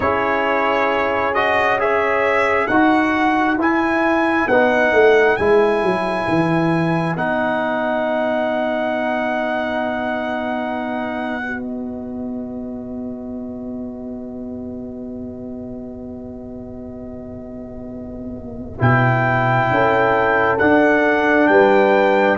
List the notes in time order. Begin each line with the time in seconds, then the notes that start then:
0.00 C#4 E4 G#4 C#5
1.34 F#4 D#5
1.79 G#4 C#5 E5
2.67 D#4 F#4 B4 F#5
3.56 E4 G#5
4.48 B3 D#4 F#5
4.92 A3
5.36 G#3 E4 G#5
5.82 F#3
6.28 E3
7.15 B3 D#4 F#5
11.41 F#4
11.61 D#5
18.79 B2 E4 G5
19.70 C#4 A4
20.58 D4 F#5
21.47 G3 B4 G5